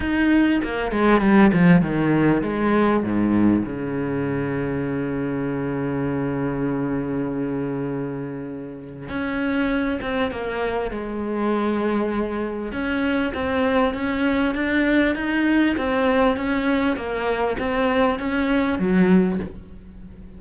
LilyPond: \new Staff \with { instrumentName = "cello" } { \time 4/4 \tempo 4 = 99 dis'4 ais8 gis8 g8 f8 dis4 | gis4 gis,4 cis2~ | cis1~ | cis2. cis'4~ |
cis'8 c'8 ais4 gis2~ | gis4 cis'4 c'4 cis'4 | d'4 dis'4 c'4 cis'4 | ais4 c'4 cis'4 fis4 | }